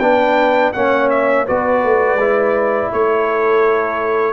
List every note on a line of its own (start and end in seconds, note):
0.00 0.72 B3
0.00 0.74 D4
0.00 0.74 B4
0.00 0.72 G5
0.73 1.49 A#3
0.73 1.47 C#4
0.73 1.46 C#5
0.73 1.09 F#5
1.10 1.47 E5
1.46 1.84 B3
1.46 2.19 F#4
1.46 2.91 B4
1.46 2.93 D5
1.84 2.16 A3
2.16 2.88 G#3
2.16 4.34 E4
2.92 4.34 A3
2.92 4.34 A4
2.92 4.34 C#5